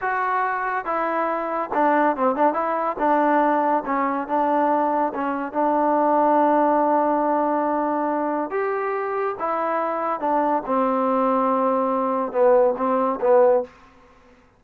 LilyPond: \new Staff \with { instrumentName = "trombone" } { \time 4/4 \tempo 4 = 141 fis'2 e'2 | d'4 c'8 d'8 e'4 d'4~ | d'4 cis'4 d'2 | cis'4 d'2.~ |
d'1 | g'2 e'2 | d'4 c'2.~ | c'4 b4 c'4 b4 | }